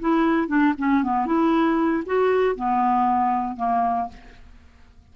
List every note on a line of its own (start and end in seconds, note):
0.00 0.48 E4
0.48 0.74 D4
0.78 1.03 C#4
1.03 1.26 B3
1.26 2.04 E4
2.06 2.56 F#4
2.56 3.57 B3
3.57 4.08 A#3